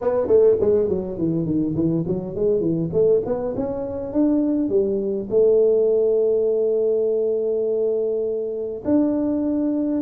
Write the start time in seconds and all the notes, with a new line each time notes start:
0.01 B3
0.27 A3
0.60 G#3
0.88 F#3
1.17 E3
1.45 D#3
1.75 E3
2.07 F#3
2.35 G#3
2.60 E3
2.92 A3
3.25 B3
3.56 C#4
4.13 D4
4.69 G3
5.29 A3
8.84 D4